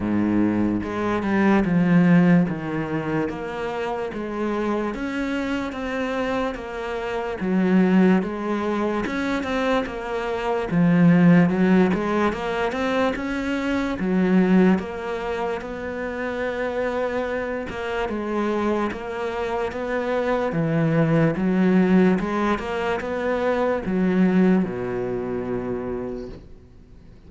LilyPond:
\new Staff \with { instrumentName = "cello" } { \time 4/4 \tempo 4 = 73 gis,4 gis8 g8 f4 dis4 | ais4 gis4 cis'4 c'4 | ais4 fis4 gis4 cis'8 c'8 | ais4 f4 fis8 gis8 ais8 c'8 |
cis'4 fis4 ais4 b4~ | b4. ais8 gis4 ais4 | b4 e4 fis4 gis8 ais8 | b4 fis4 b,2 | }